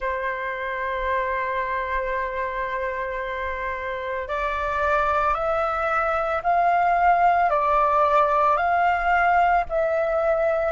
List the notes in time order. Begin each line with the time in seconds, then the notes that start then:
0.00 C5
4.28 D5
5.34 E5
6.43 F5
7.50 D5
8.57 F5
9.69 E5